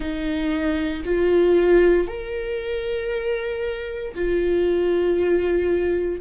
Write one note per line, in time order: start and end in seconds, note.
0.00 1.03 D#4
1.04 2.07 F4
2.07 4.14 A#4
4.14 6.21 F4